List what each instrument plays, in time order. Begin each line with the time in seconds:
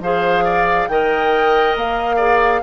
0.00 bassoon F3, clarinet G#4, oboe C5, flute F5
0.44 oboe D5
0.88 bassoon D#3, clarinet A#4, oboe D#5, flute G5
1.76 bassoon A#3, flute F5
2.16 clarinet G#4, oboe D5